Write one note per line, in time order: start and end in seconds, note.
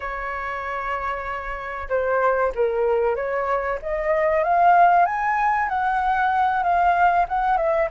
0.00 1.88 C#5
1.89 2.52 C5
2.54 3.15 A#4
3.15 3.78 C#5
3.82 4.43 D#5
4.43 5.05 F5
5.05 5.68 G#5
5.68 6.63 F#5
6.63 7.26 F5
7.28 7.57 F#5
7.57 7.89 E5